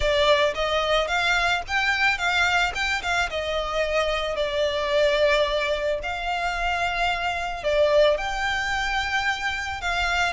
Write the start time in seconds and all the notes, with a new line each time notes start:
0.00 D5
0.54 D#5
1.07 F5
1.67 G5
2.18 F5
2.74 G5
3.02 F5
3.30 D#5
4.35 D5
6.02 F5
7.63 D5
8.17 G5
9.81 F5